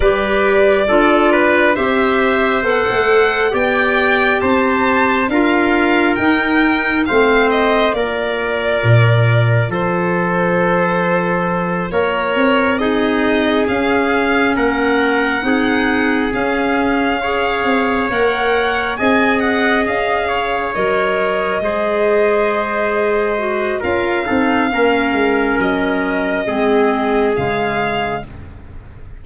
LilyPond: <<
  \new Staff \with { instrumentName = "violin" } { \time 4/4 \tempo 4 = 68 d''2 e''4 fis''4 | g''4 a''4 f''4 g''4 | f''8 dis''8 d''2 c''4~ | c''4. cis''4 dis''4 f''8~ |
f''8 fis''2 f''4.~ | f''8 fis''4 gis''8 fis''8 f''4 dis''8~ | dis''2. f''4~ | f''4 dis''2 f''4 | }
  \new Staff \with { instrumentName = "trumpet" } { \time 4/4 b'4 a'8 b'8 c''2 | d''4 c''4 ais'2 | c''4 ais'2 a'4~ | a'4. ais'4 gis'4.~ |
gis'8 ais'4 gis'2 cis''8~ | cis''4. dis''4. cis''4~ | cis''8 c''2~ c''8 ais'8 a'8 | ais'2 gis'2 | }
  \new Staff \with { instrumentName = "clarinet" } { \time 4/4 g'4 f'4 g'4 a'4 | g'2 f'4 dis'4 | c'4 f'2.~ | f'2~ f'8 dis'4 cis'8~ |
cis'4. dis'4 cis'4 gis'8~ | gis'8 ais'4 gis'2 ais'8~ | ais'8 gis'2 fis'8 f'8 dis'8 | cis'2 c'4 gis4 | }
  \new Staff \with { instrumentName = "tuba" } { \time 4/4 g4 d'4 c'4 b16 a8. | b4 c'4 d'4 dis'4 | a4 ais4 ais,4 f4~ | f4. ais8 c'4. cis'8~ |
cis'8 ais4 c'4 cis'4. | c'8 ais4 c'4 cis'4 fis8~ | fis8 gis2~ gis8 cis'8 c'8 | ais8 gis8 fis4 gis4 cis4 | }
>>